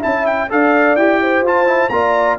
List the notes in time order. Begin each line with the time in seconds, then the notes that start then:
0.00 C#4 E4 E5 A5
0.26 G5
0.50 D4 A4 D5 F5
0.96 E4 G4 G5
1.22 C5
1.43 F4 A5
1.67 E4
1.90 A#3 F4 D5 A#5